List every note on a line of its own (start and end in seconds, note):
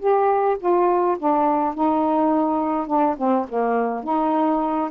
0.00 0.58 G4
0.60 1.17 F4
1.19 1.75 D4
1.75 2.87 D#4
2.87 3.16 D4
3.18 3.47 C4
3.49 4.04 A#3
4.04 4.91 D#4